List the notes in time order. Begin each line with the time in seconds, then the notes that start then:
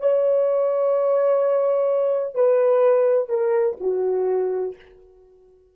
0.00 C#5
2.35 B4
3.29 A#4
3.81 F#4